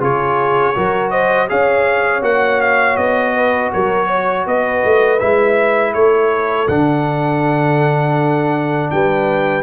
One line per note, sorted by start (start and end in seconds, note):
0.00 0.74 C#3
0.00 0.74 F4
0.00 0.76 G#4
0.00 1.10 C#5
0.75 1.50 F#3
0.75 1.48 F#4
0.75 1.11 A#4
1.10 1.48 C5
1.10 1.48 D#5
1.48 2.22 C#4
1.48 2.22 G#4
1.48 3.35 C#5
1.48 2.23 F5
2.22 2.96 A#3
2.22 5.18 F#4
2.22 2.61 F#5
2.61 2.96 F5
2.96 3.71 B3
2.96 3.71 D#5
3.35 3.72 B4
3.72 4.46 F#3
3.72 4.07 A#4
3.72 4.46 C#5
4.07 4.44 C#5
4.46 4.83 B3
4.46 5.94 B4
4.46 5.19 D#5
4.84 5.21 A3
5.19 5.94 G#3
5.19 6.68 E4
5.19 5.93 E5
5.94 6.68 A3
5.94 8.93 A4
5.94 6.68 C#5
6.68 8.90 D3
6.68 9.63 D4
6.68 8.90 F#5
8.91 9.63 G3
8.91 9.63 B4
8.91 9.63 G5